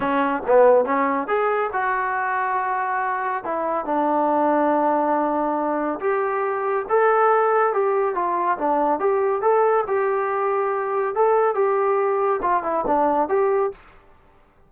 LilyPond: \new Staff \with { instrumentName = "trombone" } { \time 4/4 \tempo 4 = 140 cis'4 b4 cis'4 gis'4 | fis'1 | e'4 d'2.~ | d'2 g'2 |
a'2 g'4 f'4 | d'4 g'4 a'4 g'4~ | g'2 a'4 g'4~ | g'4 f'8 e'8 d'4 g'4 | }